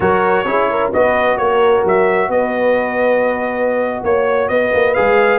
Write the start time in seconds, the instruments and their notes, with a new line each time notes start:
0.00 tuba F#3, trombone F#4, horn A#4, trumpet C#5
0.45 tuba C#4, trombone E4, horn G#4
0.70 horn A#4
0.92 tuba B3, trombone F#4, horn B4, trumpet D#5
1.37 tuba A#3, horn A#4, trumpet C#5
1.84 tuba F#3, trumpet E5
2.29 tuba B3, horn B4, trumpet D#5
4.03 tuba A#3, trumpet C#5, horn C#5
4.48 tuba B3, horn B4, trumpet D#5
4.73 tuba A#3
4.94 tuba G#3, trombone G#4, trumpet F5